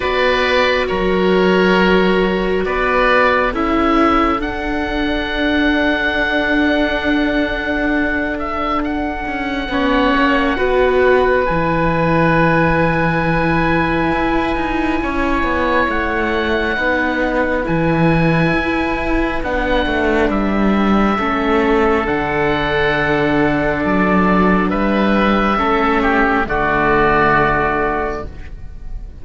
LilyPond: <<
  \new Staff \with { instrumentName = "oboe" } { \time 4/4 \tempo 4 = 68 d''4 cis''2 d''4 | e''4 fis''2.~ | fis''4. e''8 fis''2~ | fis''4 gis''2.~ |
gis''2 fis''2 | gis''2 fis''4 e''4~ | e''4 fis''2 d''4 | e''2 d''2 | }
  \new Staff \with { instrumentName = "oboe" } { \time 4/4 b'4 ais'2 b'4 | a'1~ | a'2. cis''4 | b'1~ |
b'4 cis''2 b'4~ | b'1 | a'1 | b'4 a'8 g'8 fis'2 | }
  \new Staff \with { instrumentName = "viola" } { \time 4/4 fis'1 | e'4 d'2.~ | d'2. cis'4 | fis'4 e'2.~ |
e'2. dis'4 | e'2 d'2 | cis'4 d'2.~ | d'4 cis'4 a2 | }
  \new Staff \with { instrumentName = "cello" } { \time 4/4 b4 fis2 b4 | cis'4 d'2.~ | d'2~ d'8 cis'8 b8 ais8 | b4 e2. |
e'8 dis'8 cis'8 b8 a4 b4 | e4 e'4 b8 a8 g4 | a4 d2 fis4 | g4 a4 d2 | }
>>